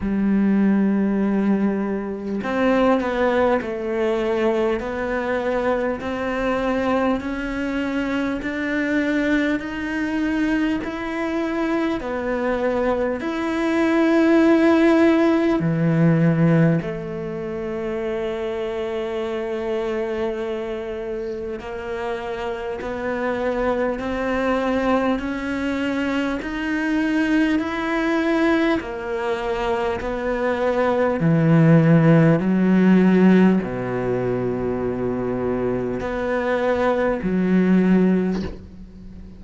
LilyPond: \new Staff \with { instrumentName = "cello" } { \time 4/4 \tempo 4 = 50 g2 c'8 b8 a4 | b4 c'4 cis'4 d'4 | dis'4 e'4 b4 e'4~ | e'4 e4 a2~ |
a2 ais4 b4 | c'4 cis'4 dis'4 e'4 | ais4 b4 e4 fis4 | b,2 b4 fis4 | }